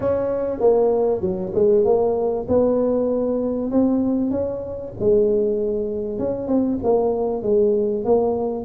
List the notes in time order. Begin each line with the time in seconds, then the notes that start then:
0.00 C#4
0.60 A#3
1.21 F#3
1.54 G#3
1.84 A#3
2.48 B3
3.71 C4
4.30 C#4
4.99 G#3
6.18 C#4
6.47 C4
6.83 A#3
7.43 G#3
8.04 A#3